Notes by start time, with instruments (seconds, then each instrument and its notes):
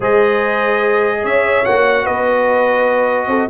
0.00 tuba G#3, trombone G#4, horn C5, trumpet D#5
1.22 tuba C#4, horn C#5, trumpet E5
1.65 tuba A#3, trombone F#4, trumpet F#5
2.03 tuba B3, horn B4, trumpet D#5
3.27 tuba C4, horn A4